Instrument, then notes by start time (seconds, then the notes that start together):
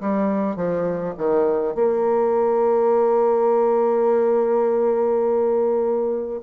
bassoon
0.00 G3
0.56 F3
1.17 D#3
1.74 A#3